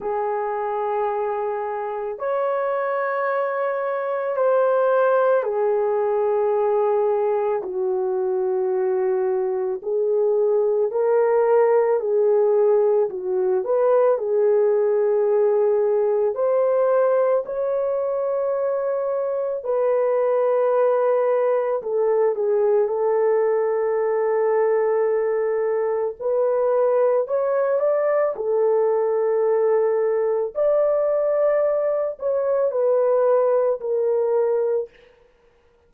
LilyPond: \new Staff \with { instrumentName = "horn" } { \time 4/4 \tempo 4 = 55 gis'2 cis''2 | c''4 gis'2 fis'4~ | fis'4 gis'4 ais'4 gis'4 | fis'8 b'8 gis'2 c''4 |
cis''2 b'2 | a'8 gis'8 a'2. | b'4 cis''8 d''8 a'2 | d''4. cis''8 b'4 ais'4 | }